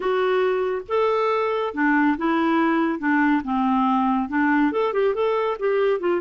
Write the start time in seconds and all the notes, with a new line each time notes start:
0.00 F#4
0.88 A4
1.74 D4
2.17 E4
2.99 D4
3.44 C4
4.29 D4
4.71 A4
4.93 G4
5.14 A4
5.59 G4
5.99 F4